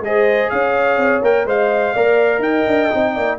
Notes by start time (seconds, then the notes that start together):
0.00 G#3 G#4 D#5
0.07 C5
0.50 C#4 C#5 F5
0.97 C4
1.22 A#3 A#4 G5
1.45 G#3 C5 D#5 F5
1.94 A#3 A#4 D5
2.39 D#4 D#5 G5
2.67 D4
2.91 C4 D#4
3.15 A#3 D5